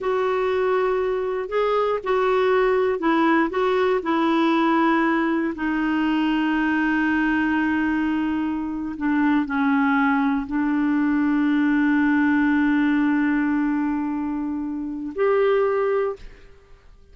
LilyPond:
\new Staff \with { instrumentName = "clarinet" } { \time 4/4 \tempo 4 = 119 fis'2. gis'4 | fis'2 e'4 fis'4 | e'2. dis'4~ | dis'1~ |
dis'4.~ dis'16 d'4 cis'4~ cis'16~ | cis'8. d'2.~ d'16~ | d'1~ | d'2 g'2 | }